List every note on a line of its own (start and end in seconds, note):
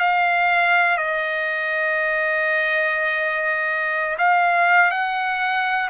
0.00 0.98 F5
0.98 4.18 D#5
4.19 4.92 F5
4.92 5.90 F#5